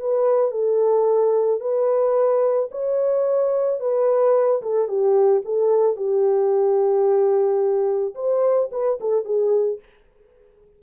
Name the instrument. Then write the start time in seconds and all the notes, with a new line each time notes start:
horn
0.00 B4
0.52 A4
1.61 B4
2.71 C#5
3.80 B4
4.62 A4
4.88 G4
5.45 A4
5.97 G4
8.15 C5
8.72 B4
9.00 A4
9.25 G#4